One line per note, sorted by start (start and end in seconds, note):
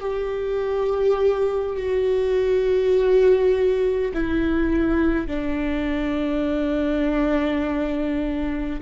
0.00 1.76 G4
1.76 4.12 F#4
4.14 5.27 E4
5.27 8.80 D4